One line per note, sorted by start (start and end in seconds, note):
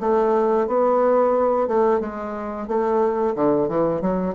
0.00 0.67 A3
0.67 1.68 B3
1.68 2.00 A3
2.00 2.68 G#3
2.68 3.35 A3
3.36 3.68 D3
3.68 4.01 E3
4.01 4.35 F#3